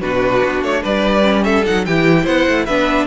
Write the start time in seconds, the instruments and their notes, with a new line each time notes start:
0.00 cello B2, viola D4, violin F#4 B4
0.43 cello B3
0.61 cello A3, violin C#5
0.81 cello G3, violin B4 D5
1.22 viola C#4
1.44 violin A4 E5
1.65 cello F#3, viola D#4, violin F#5
1.85 cello E3, viola E4, violin G4 G5
2.23 cello B3, violin C5 F#5
2.48 cello A3
2.65 cello B3, viola D4, violin B4 E5